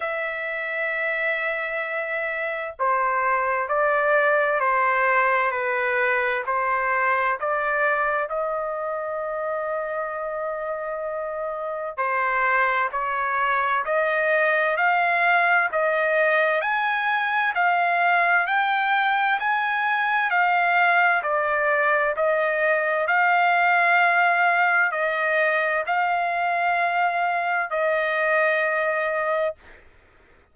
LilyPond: \new Staff \with { instrumentName = "trumpet" } { \time 4/4 \tempo 4 = 65 e''2. c''4 | d''4 c''4 b'4 c''4 | d''4 dis''2.~ | dis''4 c''4 cis''4 dis''4 |
f''4 dis''4 gis''4 f''4 | g''4 gis''4 f''4 d''4 | dis''4 f''2 dis''4 | f''2 dis''2 | }